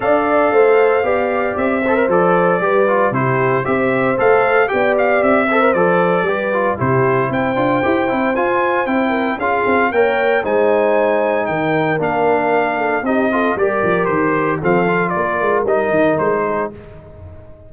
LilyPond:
<<
  \new Staff \with { instrumentName = "trumpet" } { \time 4/4 \tempo 4 = 115 f''2. e''4 | d''2 c''4 e''4 | f''4 g''8 f''8 e''4 d''4~ | d''4 c''4 g''2 |
gis''4 g''4 f''4 g''4 | gis''2 g''4 f''4~ | f''4 dis''4 d''4 c''4 | f''4 d''4 dis''4 c''4 | }
  \new Staff \with { instrumentName = "horn" } { \time 4/4 d''4 c''4 d''4. c''8~ | c''4 b'4 g'4 c''4~ | c''4 d''4. c''4. | b'4 g'4 c''2~ |
c''4. ais'8 gis'4 cis''4 | c''2 ais'2~ | ais'8 a'8 g'8 a'8 ais'2 | a'4 ais'2~ ais'8 gis'8 | }
  \new Staff \with { instrumentName = "trombone" } { \time 4/4 a'2 g'4. a'16 ais'16 | a'4 g'8 f'8 e'4 g'4 | a'4 g'4. a'16 ais'16 a'4 | g'8 f'8 e'4. f'8 g'8 e'8 |
f'4 e'4 f'4 ais'4 | dis'2. d'4~ | d'4 dis'8 f'8 g'2 | c'8 f'4. dis'2 | }
  \new Staff \with { instrumentName = "tuba" } { \time 4/4 d'4 a4 b4 c'4 | f4 g4 c4 c'4 | a4 b4 c'4 f4 | g4 c4 c'8 d'8 e'8 c'8 |
f'4 c'4 cis'8 c'8 ais4 | gis2 dis4 ais4~ | ais4 c'4 g8 f8 dis4 | f4 ais8 gis8 g8 dis8 gis4 | }
>>